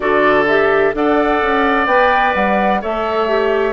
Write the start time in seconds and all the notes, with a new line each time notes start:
0.00 D3 F#4 A4 D5
0.47 G4 E5
0.93 D4 A4 D5 F#5
1.41 C#4
1.86 B3 B4 G5
2.34 G3 F#5
2.81 A3 A4 C#5 E5
3.28 G4